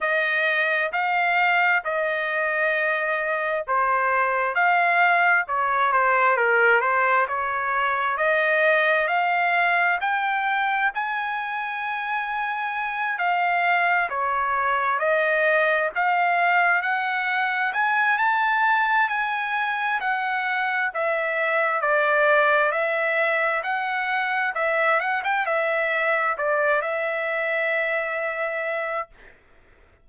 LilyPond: \new Staff \with { instrumentName = "trumpet" } { \time 4/4 \tempo 4 = 66 dis''4 f''4 dis''2 | c''4 f''4 cis''8 c''8 ais'8 c''8 | cis''4 dis''4 f''4 g''4 | gis''2~ gis''8 f''4 cis''8~ |
cis''8 dis''4 f''4 fis''4 gis''8 | a''4 gis''4 fis''4 e''4 | d''4 e''4 fis''4 e''8 fis''16 g''16 | e''4 d''8 e''2~ e''8 | }